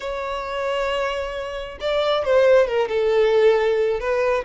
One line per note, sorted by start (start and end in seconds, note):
0.00 1.78 C#5
1.80 2.24 D5
2.24 2.67 C5
2.67 2.88 A#4
2.88 4.00 A4
4.00 4.44 B4